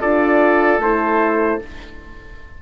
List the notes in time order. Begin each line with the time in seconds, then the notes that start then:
0.00 D4 F4 A4 D5
0.78 A3 E4 C5